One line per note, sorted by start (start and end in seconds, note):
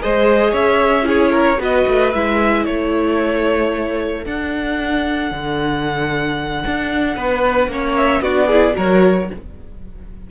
0.00 0.53 G#3
0.00 1.03 G#4
0.00 0.51 C5
0.00 0.54 D#5
0.51 1.58 C#4
0.51 1.04 C#5
0.51 1.07 E5
1.03 1.56 E4
1.03 1.32 G#4
1.03 1.62 C#5
1.32 1.58 A#4
1.58 1.85 B3
1.58 2.11 F#4
1.58 2.66 B4
1.58 2.13 D#5
1.87 2.14 A3
2.13 2.66 G#3
2.13 4.26 E4
2.13 2.65 E5
2.65 4.25 A3
2.65 7.16 A4
2.65 4.24 C#5
4.25 5.31 D4
4.25 7.71 D4
4.25 7.96 F#5
5.31 6.64 D3
6.66 7.16 D4
7.16 7.68 B3
7.16 7.69 B4
7.68 8.21 A#3
7.68 8.24 C#4
7.68 8.22 C#5
7.96 8.22 E5
8.21 8.74 B3
8.21 8.50 D4
8.21 8.47 F#4
8.21 8.75 D5
8.47 8.74 E4
8.47 8.73 G#4
8.74 9.30 F#3
8.74 9.27 F#4
8.74 9.29 A#4
8.74 9.30 C#5